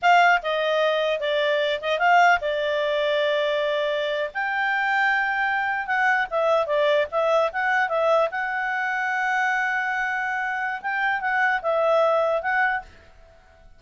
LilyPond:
\new Staff \with { instrumentName = "clarinet" } { \time 4/4 \tempo 4 = 150 f''4 dis''2 d''4~ | d''8 dis''8 f''4 d''2~ | d''2~ d''8. g''4~ g''16~ | g''2~ g''8. fis''4 e''16~ |
e''8. d''4 e''4 fis''4 e''16~ | e''8. fis''2.~ fis''16~ | fis''2. g''4 | fis''4 e''2 fis''4 | }